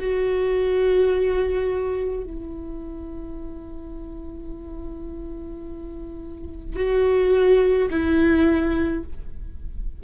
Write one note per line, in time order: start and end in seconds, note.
0.00 2.24 F#4
2.24 6.76 E4
6.76 7.89 F#4
7.90 9.04 E4